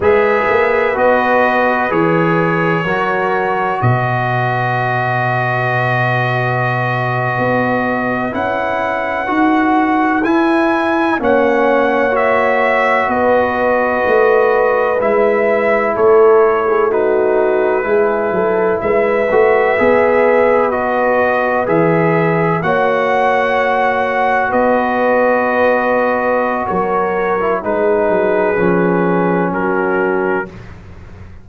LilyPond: <<
  \new Staff \with { instrumentName = "trumpet" } { \time 4/4 \tempo 4 = 63 e''4 dis''4 cis''2 | dis''1~ | dis''8. fis''2 gis''4 fis''16~ | fis''8. e''4 dis''2 e''16~ |
e''8. cis''4 b'2 e''16~ | e''4.~ e''16 dis''4 e''4 fis''16~ | fis''4.~ fis''16 dis''2~ dis''16 | cis''4 b'2 ais'4 | }
  \new Staff \with { instrumentName = "horn" } { \time 4/4 b'2. ais'4 | b'1~ | b'2.~ b'8. cis''16~ | cis''4.~ cis''16 b'2~ b'16~ |
b'8. a'8. gis'16 fis'4 gis'8 a'8 b'16~ | b'2.~ b'8. cis''16~ | cis''4.~ cis''16 b'2~ b'16 | ais'4 gis'2 fis'4 | }
  \new Staff \with { instrumentName = "trombone" } { \time 4/4 gis'4 fis'4 gis'4 fis'4~ | fis'1~ | fis'8. e'4 fis'4 e'4 cis'16~ | cis'8. fis'2. e'16~ |
e'4.~ e'16 dis'4 e'4~ e'16~ | e'16 fis'8 gis'4 fis'4 gis'4 fis'16~ | fis'1~ | fis'8. e'16 dis'4 cis'2 | }
  \new Staff \with { instrumentName = "tuba" } { \time 4/4 gis8 ais8 b4 e4 fis4 | b,2.~ b,8. b16~ | b8. cis'4 dis'4 e'4 ais16~ | ais4.~ ais16 b4 a4 gis16~ |
gis8. a2 gis8 fis8 gis16~ | gis16 a8 b2 e4 ais16~ | ais4.~ ais16 b2~ b16 | fis4 gis8 fis8 f4 fis4 | }
>>